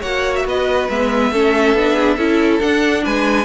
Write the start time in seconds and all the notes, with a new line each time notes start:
0.00 A#3 F#4 C#5 F#5
0.35 E5
0.46 B3 B4 D#5
0.90 G#3 B3 E5
1.32 A3 C#4 A4
1.75 B3 D4
1.95 G#4
2.17 C#4 E4 A4
2.61 D4 F#5
3.04 G#3 B4 G#5